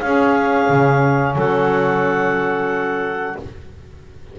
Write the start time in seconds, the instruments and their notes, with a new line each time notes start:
0.00 double bass C#4, saxophone C#4, clarinet G#4 F5
0.69 double bass C#3
1.35 double bass F#3, clarinet A4 F#5